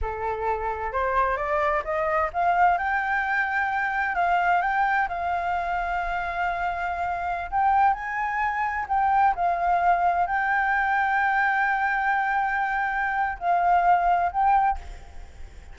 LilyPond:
\new Staff \with { instrumentName = "flute" } { \time 4/4 \tempo 4 = 130 a'2 c''4 d''4 | dis''4 f''4 g''2~ | g''4 f''4 g''4 f''4~ | f''1~ |
f''16 g''4 gis''2 g''8.~ | g''16 f''2 g''4.~ g''16~ | g''1~ | g''4 f''2 g''4 | }